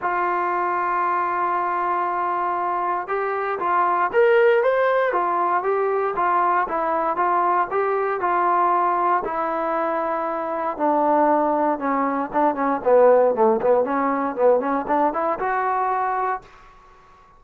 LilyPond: \new Staff \with { instrumentName = "trombone" } { \time 4/4 \tempo 4 = 117 f'1~ | f'2 g'4 f'4 | ais'4 c''4 f'4 g'4 | f'4 e'4 f'4 g'4 |
f'2 e'2~ | e'4 d'2 cis'4 | d'8 cis'8 b4 a8 b8 cis'4 | b8 cis'8 d'8 e'8 fis'2 | }